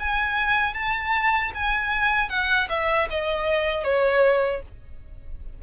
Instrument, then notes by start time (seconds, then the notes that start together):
violin
0.00 G#5
0.74 A5
1.55 G#5
2.30 F#5
2.70 E5
3.11 D#5
3.85 C#5